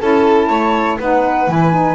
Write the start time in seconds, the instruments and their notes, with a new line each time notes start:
0.00 double bass C#4, saxophone E4, violin A4, flute A5
0.49 double bass A3, violin C#5
0.99 double bass B3, saxophone D#4, violin B4, flute F#5
1.47 double bass E3, saxophone E4, flute G#5
1.72 saxophone D#4